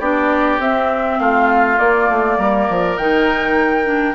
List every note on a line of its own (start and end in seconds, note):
0.00 0.59 B3
0.00 0.60 D4
0.00 1.19 G4
0.00 0.60 D5
0.59 1.19 C4
0.59 1.78 C4
0.59 1.20 E5
1.20 1.79 A3
1.20 2.38 F4
1.20 1.79 F5
1.78 2.97 A#3
1.78 2.10 A#3
1.78 2.98 D5
2.10 2.39 A3
2.38 2.68 G3
2.38 4.15 A#4
2.70 2.98 F3
2.98 4.15 D#3
2.98 3.85 D#4
2.98 4.15 G5
3.85 4.14 D4